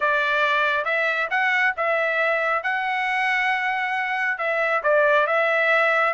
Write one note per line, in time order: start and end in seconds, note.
0.00 0.84 D5
0.84 1.28 E5
1.30 1.74 F#5
1.76 2.63 E5
2.63 4.38 F#5
4.38 4.82 E5
4.83 5.27 D5
5.27 6.13 E5